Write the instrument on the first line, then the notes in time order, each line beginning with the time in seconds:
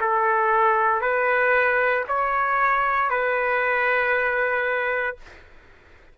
trumpet
0.00 A4
1.01 B4
2.07 C#5
3.09 B4